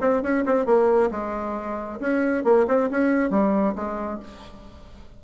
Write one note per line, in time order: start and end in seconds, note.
0.00 0.22 C4
0.22 0.44 C#4
0.46 0.65 C4
0.65 1.10 A#3
1.11 1.99 G#3
2.00 2.44 C#4
2.44 2.66 A#3
2.67 2.89 C4
2.90 3.30 C#4
3.30 3.74 G3
3.75 4.19 G#3